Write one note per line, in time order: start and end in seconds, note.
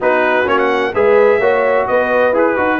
0.00 0.46 B3
0.00 0.45 D#4
0.00 0.93 F#4
0.00 0.48 B4
0.45 0.93 A#3
0.45 0.91 C#4
0.45 0.58 C#5
0.58 0.93 F#5
0.94 1.39 G#3
0.94 1.41 G#4
0.94 1.40 B4
0.94 1.87 E5
1.39 1.86 A#3
1.39 2.33 F#4
1.39 1.87 C#5
1.87 2.32 B3
1.87 2.79 B4
1.87 2.33 D#5
2.32 2.56 E4
2.32 2.56 G#4
2.32 2.79 B4
2.56 2.79 D#4
2.56 2.79 F#4